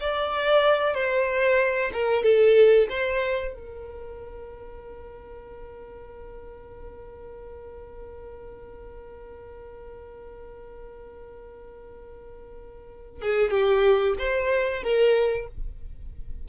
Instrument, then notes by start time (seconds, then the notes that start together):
violin
0.00 D5
0.94 C5
1.93 A#4
2.23 A4
2.89 C5
3.54 A#4
13.21 G#4
13.50 G4
14.18 C5
14.82 A#4